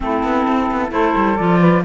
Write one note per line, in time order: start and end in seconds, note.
0.00 0.23 A3
0.00 0.89 C4
0.00 0.93 E4
0.00 0.92 A4
0.23 0.46 B3
0.47 0.70 C4
0.71 0.91 B3
0.89 1.14 A3
0.89 1.35 E4
0.89 1.59 A4
0.89 1.36 C5
1.16 1.39 G3
1.36 1.84 F3
1.36 1.84 F4
1.36 1.82 D5
1.59 1.82 B4